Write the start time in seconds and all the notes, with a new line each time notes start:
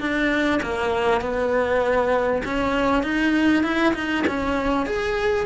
0.00 D4
0.63 A#3
1.21 B3
2.45 C#4
3.03 D#4
3.63 E4
3.94 D#4
4.27 C#4
4.86 G#4